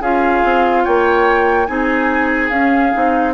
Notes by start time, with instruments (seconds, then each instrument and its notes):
0.00 bassoon C#4, clarinet F4, oboe G#4, flute F5
0.44 bassoon C4
0.84 bassoon A#3, oboe C#5, flute G5
1.65 bassoon C4, clarinet D#4, oboe G#4, flute G#5
2.49 bassoon C#4, clarinet C#4, flute F5
2.93 bassoon C4, clarinet D#4